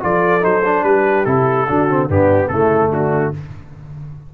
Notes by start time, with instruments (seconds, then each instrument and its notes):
0.00 tuba F3, trombone F4, horn A4, trumpet D5
0.41 tuba F#3, trombone D#4, trumpet C5
0.65 trombone D4
0.83 tuba G3, horn G4, trumpet B4
1.25 tuba C3, trombone E4, trumpet A4
1.68 tuba D3, trombone D4, horn F#4
1.89 trombone C4
2.09 tuba G2, trombone B3, horn D4, trumpet G4
2.48 tuba C#3, trombone A3, horn E4, trumpet A4
2.90 tuba D3, horn D4, trumpet F#4